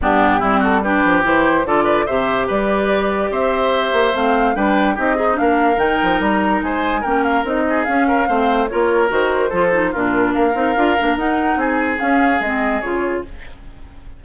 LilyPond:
<<
  \new Staff \with { instrumentName = "flute" } { \time 4/4 \tempo 4 = 145 g'4. a'8 b'4 c''4 | d''4 e''4 d''2 | e''2 f''4 g''4 | dis''4 f''4 g''4 ais''4 |
gis''4 g''8 f''8 dis''4 f''4~ | f''4 cis''4 c''2 | ais'4 f''2 fis''4 | gis''4 f''4 dis''4 cis''4 | }
  \new Staff \with { instrumentName = "oboe" } { \time 4/4 d'4 e'8 fis'8 g'2 | a'8 b'8 c''4 b'2 | c''2. b'4 | g'8 dis'8 ais'2. |
c''4 ais'4. gis'4 ais'8 | c''4 ais'2 a'4 | f'4 ais'2. | gis'1 | }
  \new Staff \with { instrumentName = "clarinet" } { \time 4/4 b4 c'4 d'4 e'4 | f'4 g'2.~ | g'2 c'4 d'4 | dis'8 gis'8 d'4 dis'2~ |
dis'4 cis'4 dis'4 cis'4 | c'4 f'4 fis'4 f'8 dis'8 | d'4. dis'8 f'8 d'8 dis'4~ | dis'4 cis'4 c'4 f'4 | }
  \new Staff \with { instrumentName = "bassoon" } { \time 4/4 g,4 g4. f8 e4 | d4 c4 g2 | c'4. ais8 a4 g4 | c'4 ais4 dis8 f8 g4 |
gis4 ais4 c'4 cis'4 | a4 ais4 dis4 f4 | ais,4 ais8 c'8 d'8 ais8 dis'4 | c'4 cis'4 gis4 cis4 | }
>>